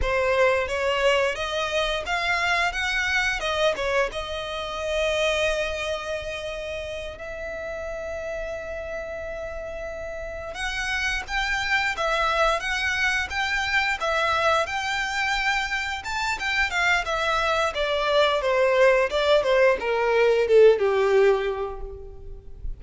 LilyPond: \new Staff \with { instrumentName = "violin" } { \time 4/4 \tempo 4 = 88 c''4 cis''4 dis''4 f''4 | fis''4 dis''8 cis''8 dis''2~ | dis''2~ dis''8 e''4.~ | e''2.~ e''8 fis''8~ |
fis''8 g''4 e''4 fis''4 g''8~ | g''8 e''4 g''2 a''8 | g''8 f''8 e''4 d''4 c''4 | d''8 c''8 ais'4 a'8 g'4. | }